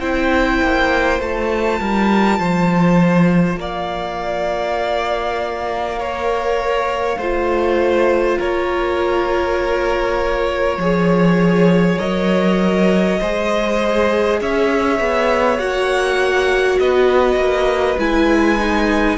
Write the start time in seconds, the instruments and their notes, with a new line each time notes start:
0.00 cello C4, viola E4, violin C5 G5
0.62 cello A#3
1.19 cello A3, viola F4, violin A5
1.80 cello G3, violin A#4
2.39 cello F3, violin C5
3.57 cello A#3, violin D5 F5
5.99 viola A#4, violin C#5
7.17 cello A3, viola F4, violin C5
8.38 cello A#3, violin A#4 C#5
10.78 cello F3, viola G#4, violin C#5
11.99 cello F#3, viola A#4, violin D#5
13.20 cello G#3, viola G#4, violin C5
14.41 cello C#4, violin C#5 E5
15.00 cello B3
15.59 cello A#3, viola F#4, violin F#5
16.79 cello B3, violin B4 D#5
17.36 cello A#3
17.98 cello G#3, viola E4, violin G#5
18.59 viola D#4